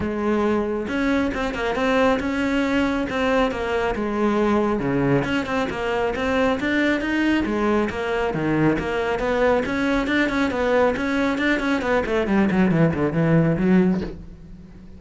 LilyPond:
\new Staff \with { instrumentName = "cello" } { \time 4/4 \tempo 4 = 137 gis2 cis'4 c'8 ais8 | c'4 cis'2 c'4 | ais4 gis2 cis4 | cis'8 c'8 ais4 c'4 d'4 |
dis'4 gis4 ais4 dis4 | ais4 b4 cis'4 d'8 cis'8 | b4 cis'4 d'8 cis'8 b8 a8 | g8 fis8 e8 d8 e4 fis4 | }